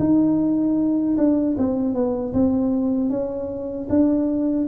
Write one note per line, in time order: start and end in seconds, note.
0.00 1.17 D#4
1.18 1.57 D4
1.58 1.94 C4
1.94 2.33 B3
2.34 3.10 C4
3.10 3.88 C#4
3.90 4.68 D4